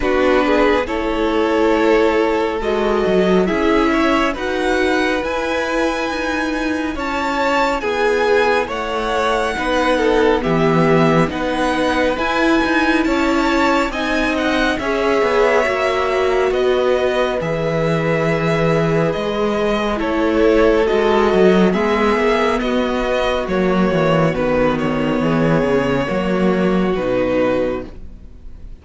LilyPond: <<
  \new Staff \with { instrumentName = "violin" } { \time 4/4 \tempo 4 = 69 b'4 cis''2 dis''4 | e''4 fis''4 gis''2 | a''4 gis''4 fis''2 | e''4 fis''4 gis''4 a''4 |
gis''8 fis''8 e''2 dis''4 | e''2 dis''4 cis''4 | dis''4 e''4 dis''4 cis''4 | b'8 cis''2~ cis''8 b'4 | }
  \new Staff \with { instrumentName = "violin" } { \time 4/4 fis'8 gis'8 a'2. | gis'8 cis''8 b'2. | cis''4 gis'4 cis''4 b'8 a'8 | g'4 b'2 cis''4 |
dis''4 cis''2 b'4~ | b'2. a'4~ | a'4 gis'4 fis'2~ | fis'4 gis'4 fis'2 | }
  \new Staff \with { instrumentName = "viola" } { \time 4/4 d'4 e'2 fis'4 | e'4 fis'4 e'2~ | e'2. dis'4 | b4 dis'4 e'2 |
dis'4 gis'4 fis'2 | gis'2. e'4 | fis'4 b2 ais4 | b2 ais4 dis'4 | }
  \new Staff \with { instrumentName = "cello" } { \time 4/4 b4 a2 gis8 fis8 | cis'4 dis'4 e'4 dis'4 | cis'4 b4 a4 b4 | e4 b4 e'8 dis'8 cis'4 |
c'4 cis'8 b8 ais4 b4 | e2 gis4 a4 | gis8 fis8 gis8 ais8 b4 fis8 e8 | dis4 e8 cis8 fis4 b,4 | }
>>